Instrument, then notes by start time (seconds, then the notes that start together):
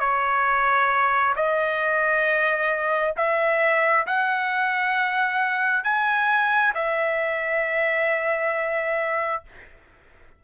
trumpet
0.00 C#5
1.36 D#5
3.17 E5
4.07 F#5
5.84 G#5
6.75 E5